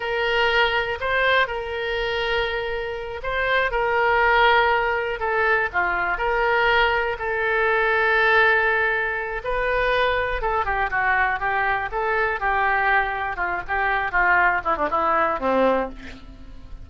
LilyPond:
\new Staff \with { instrumentName = "oboe" } { \time 4/4 \tempo 4 = 121 ais'2 c''4 ais'4~ | ais'2~ ais'8 c''4 ais'8~ | ais'2~ ais'8 a'4 f'8~ | f'8 ais'2 a'4.~ |
a'2. b'4~ | b'4 a'8 g'8 fis'4 g'4 | a'4 g'2 f'8 g'8~ | g'8 f'4 e'16 d'16 e'4 c'4 | }